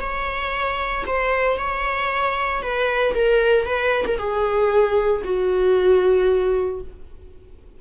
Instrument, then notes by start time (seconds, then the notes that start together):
viola
0.00 C#5
1.06 C5
1.58 C#5
2.62 B4
3.14 A#4
3.66 B4
4.07 A#4
4.18 G#4
5.24 F#4